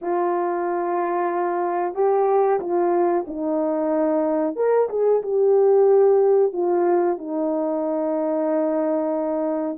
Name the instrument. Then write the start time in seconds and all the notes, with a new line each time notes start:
horn
0.01 F4
1.94 G4
2.60 F4
3.27 D#4
4.56 A#4
4.89 G#4
5.22 G4
6.52 F4
7.18 D#4